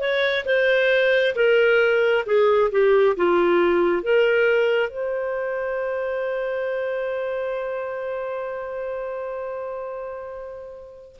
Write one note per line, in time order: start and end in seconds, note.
0.00 0.45 C#5
0.46 1.35 C5
1.36 2.25 A#4
2.26 2.71 G#4
2.72 3.16 G4
3.17 4.03 F4
4.03 4.90 A#4
4.90 11.17 C5